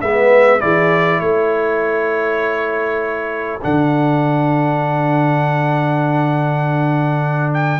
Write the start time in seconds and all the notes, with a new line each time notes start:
0.00 G#3 B3 B4 E5
0.59 E3 E4 G#4 D5
1.19 A3 A4 C#5
3.61 D3 D4 F#5
7.54 G5